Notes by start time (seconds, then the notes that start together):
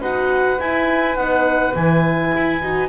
0.00 D#4 F#4 B4 F#5
0.59 E4 G#5
1.15 B3 D#4 F#5
1.74 E3 E4 G#5
2.36 E4
2.61 D#4 F#4